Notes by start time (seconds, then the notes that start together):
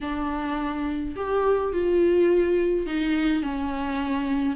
0.00 D4
1.16 G4
1.72 F4
2.86 D#4
3.42 C#4